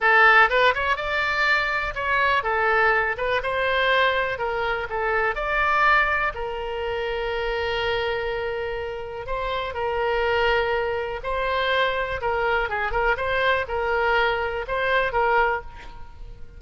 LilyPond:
\new Staff \with { instrumentName = "oboe" } { \time 4/4 \tempo 4 = 123 a'4 b'8 cis''8 d''2 | cis''4 a'4. b'8 c''4~ | c''4 ais'4 a'4 d''4~ | d''4 ais'2.~ |
ais'2. c''4 | ais'2. c''4~ | c''4 ais'4 gis'8 ais'8 c''4 | ais'2 c''4 ais'4 | }